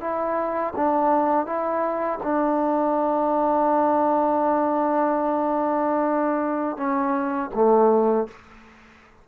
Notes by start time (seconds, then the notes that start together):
0.00 E4
0.75 D4
1.46 E4
2.23 D4
6.76 C#4
7.54 A3